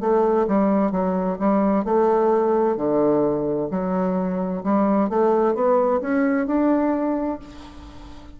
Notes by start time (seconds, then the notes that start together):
0.00 A3
0.47 G3
0.91 F#3
1.38 G3
1.84 A3
2.76 D3
3.70 F#3
4.63 G3
5.09 A3
5.54 B3
6.00 C#4
6.47 D4